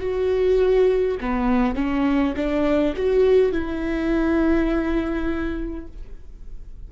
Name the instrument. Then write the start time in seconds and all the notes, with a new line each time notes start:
viola
0.00 F#4
1.21 B3
1.75 C#4
2.36 D4
2.96 F#4
3.52 E4